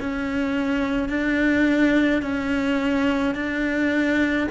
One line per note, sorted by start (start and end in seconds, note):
0.00 1.09 C#4
1.09 2.22 D4
2.22 3.35 C#4
3.35 4.48 D4